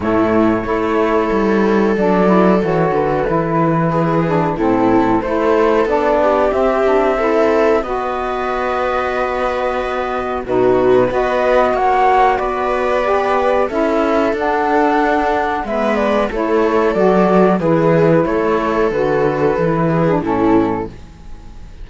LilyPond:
<<
  \new Staff \with { instrumentName = "flute" } { \time 4/4 \tempo 4 = 92 cis''2. d''4 | cis''8 b'2~ b'8 a'4 | c''4 d''4 e''2 | dis''1 |
b'4 dis''4 fis''4 d''4~ | d''4 e''4 fis''2 | e''8 d''8 cis''4 d''4 b'4 | cis''4 b'2 a'4 | }
  \new Staff \with { instrumentName = "viola" } { \time 4/4 e'4 a'2.~ | a'2 gis'4 e'4 | a'4. g'4. a'4 | b'1 |
fis'4 b'4 cis''4 b'4~ | b'4 a'2. | b'4 a'2 gis'4 | a'2~ a'8 gis'8 e'4 | }
  \new Staff \with { instrumentName = "saxophone" } { \time 4/4 a4 e'2 d'8 e'8 | fis'4 e'4. d'8 c'4 | e'4 d'4 c'8 d'8 e'4 | fis'1 |
dis'4 fis'2. | g'4 e'4 d'2 | b4 e'4 fis'4 e'4~ | e'4 fis'4 e'8. d'16 cis'4 | }
  \new Staff \with { instrumentName = "cello" } { \time 4/4 a,4 a4 g4 fis4 | e8 d8 e2 a,4 | a4 b4 c'2 | b1 |
b,4 b4 ais4 b4~ | b4 cis'4 d'2 | gis4 a4 fis4 e4 | a4 d4 e4 a,4 | }
>>